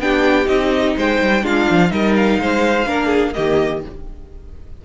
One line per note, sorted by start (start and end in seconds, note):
0.00 0.48 B3
0.00 0.46 D4
0.00 0.97 G4
0.00 0.48 G5
0.46 0.96 C4
0.46 1.41 D#4
0.46 0.96 D#5
0.97 1.21 G#3
0.97 1.44 C5
0.97 1.46 G5
1.22 1.43 G3
1.43 1.67 G#3
1.43 1.89 D4
1.43 1.91 F4
1.43 1.91 F5
1.71 1.91 F3
1.89 2.39 G3
1.89 2.84 D#4
1.89 2.41 A#4
1.89 2.15 D#5
2.16 3.34 F5
2.39 2.87 G#3
2.39 2.88 C5
2.87 3.35 A#3
2.87 3.35 D4
2.87 3.07 A#4
3.07 3.31 G#4
3.34 3.85 D#3
3.34 3.83 A#3
3.34 3.84 G4
3.34 3.81 D#5